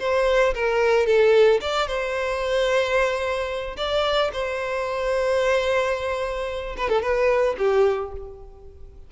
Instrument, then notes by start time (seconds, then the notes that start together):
violin
0.00 C5
0.55 A#4
1.06 A4
1.61 D5
1.87 C5
3.77 D5
4.33 C5
6.77 B4
6.89 A4
7.02 B4
7.58 G4